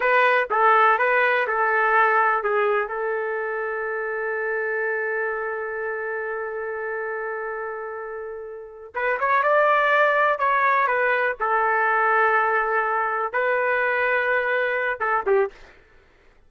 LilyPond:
\new Staff \with { instrumentName = "trumpet" } { \time 4/4 \tempo 4 = 124 b'4 a'4 b'4 a'4~ | a'4 gis'4 a'2~ | a'1~ | a'1~ |
a'2~ a'8 b'8 cis''8 d''8~ | d''4. cis''4 b'4 a'8~ | a'2.~ a'8 b'8~ | b'2. a'8 g'8 | }